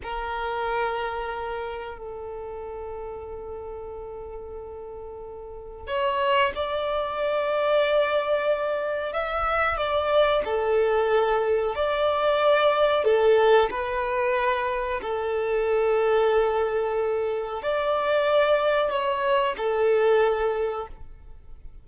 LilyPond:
\new Staff \with { instrumentName = "violin" } { \time 4/4 \tempo 4 = 92 ais'2. a'4~ | a'1~ | a'4 cis''4 d''2~ | d''2 e''4 d''4 |
a'2 d''2 | a'4 b'2 a'4~ | a'2. d''4~ | d''4 cis''4 a'2 | }